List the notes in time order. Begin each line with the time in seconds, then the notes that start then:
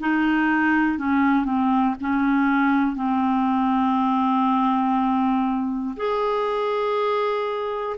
0.00 D#4
0.98 C#4
1.45 C4
2.00 C#4
2.96 C4
5.96 G#4